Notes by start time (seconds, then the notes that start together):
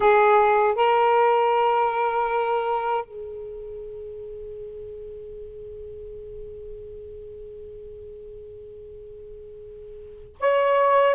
0.00 G#4
0.75 A#4
3.04 G#4
10.40 C#5